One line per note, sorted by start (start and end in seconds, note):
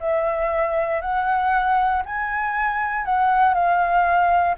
0.00 1.01 E5
1.01 2.03 F#5
2.05 3.05 G#5
3.05 3.54 F#5
3.54 4.56 F5